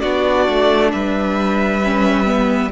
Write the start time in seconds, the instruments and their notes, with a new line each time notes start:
0.00 cello B3, viola D4, violin F#4 D5
0.49 cello A3
0.92 cello G3, violin B4 E5
1.83 viola C#4
2.25 viola B3